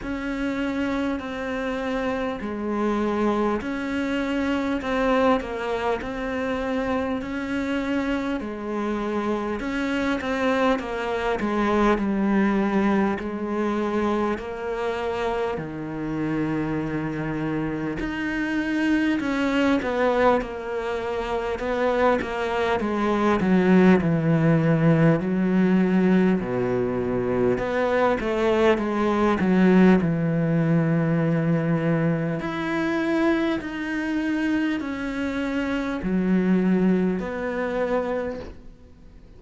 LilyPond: \new Staff \with { instrumentName = "cello" } { \time 4/4 \tempo 4 = 50 cis'4 c'4 gis4 cis'4 | c'8 ais8 c'4 cis'4 gis4 | cis'8 c'8 ais8 gis8 g4 gis4 | ais4 dis2 dis'4 |
cis'8 b8 ais4 b8 ais8 gis8 fis8 | e4 fis4 b,4 b8 a8 | gis8 fis8 e2 e'4 | dis'4 cis'4 fis4 b4 | }